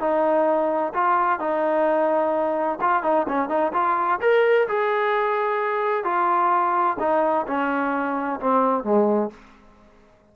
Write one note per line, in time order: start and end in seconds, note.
0.00 0.93 D#4
0.94 1.40 F4
1.40 2.79 D#4
2.81 3.03 F4
3.03 3.27 D#4
3.28 3.49 C#4
3.49 3.72 D#4
3.73 4.20 F4
4.21 4.68 A#4
4.68 6.04 G#4
6.04 6.97 F4
7.00 7.46 D#4
7.47 8.40 C#4
8.40 8.84 C4
8.84 9.30 G#3